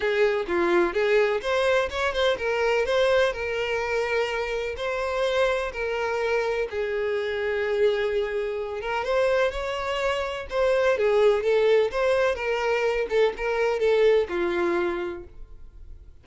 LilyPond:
\new Staff \with { instrumentName = "violin" } { \time 4/4 \tempo 4 = 126 gis'4 f'4 gis'4 c''4 | cis''8 c''8 ais'4 c''4 ais'4~ | ais'2 c''2 | ais'2 gis'2~ |
gis'2~ gis'8 ais'8 c''4 | cis''2 c''4 gis'4 | a'4 c''4 ais'4. a'8 | ais'4 a'4 f'2 | }